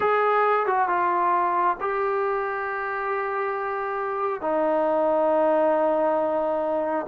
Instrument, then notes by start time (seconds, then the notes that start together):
trombone
0.00 G#4
0.66 F#4
0.88 F4
1.80 G4
4.41 D#4